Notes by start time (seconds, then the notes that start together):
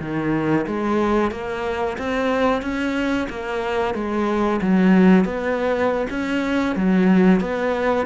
0.00 D#3
0.67 G#3
1.31 A#3
1.98 C4
2.62 C#4
3.30 A#3
3.95 G#3
4.62 F#3
5.25 B3
6.10 C#4
6.76 F#3
7.41 B3